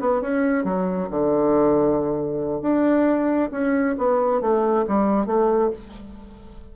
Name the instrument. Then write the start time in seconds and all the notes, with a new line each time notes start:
bassoon
0.00 B3
0.22 C#4
0.65 F#3
1.10 D3
2.62 D4
3.52 C#4
3.98 B3
4.41 A3
4.88 G3
5.26 A3